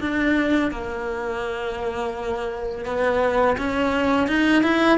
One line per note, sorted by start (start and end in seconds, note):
0.00 0.71 D4
0.71 2.85 A#3
2.85 3.56 B3
3.57 4.28 C#4
4.28 4.63 D#4
4.63 4.98 E4